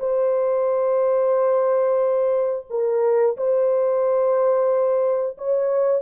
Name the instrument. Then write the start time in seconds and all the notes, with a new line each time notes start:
horn
0.00 C5
2.70 A#4
3.37 C5
5.38 C#5